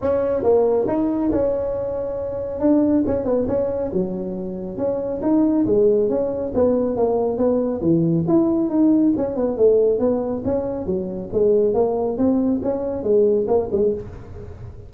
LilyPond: \new Staff \with { instrumentName = "tuba" } { \time 4/4 \tempo 4 = 138 cis'4 ais4 dis'4 cis'4~ | cis'2 d'4 cis'8 b8 | cis'4 fis2 cis'4 | dis'4 gis4 cis'4 b4 |
ais4 b4 e4 e'4 | dis'4 cis'8 b8 a4 b4 | cis'4 fis4 gis4 ais4 | c'4 cis'4 gis4 ais8 gis8 | }